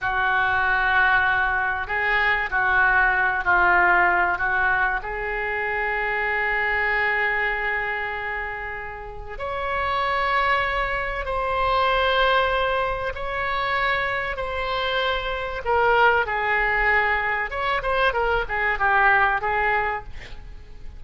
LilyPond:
\new Staff \with { instrumentName = "oboe" } { \time 4/4 \tempo 4 = 96 fis'2. gis'4 | fis'4. f'4. fis'4 | gis'1~ | gis'2. cis''4~ |
cis''2 c''2~ | c''4 cis''2 c''4~ | c''4 ais'4 gis'2 | cis''8 c''8 ais'8 gis'8 g'4 gis'4 | }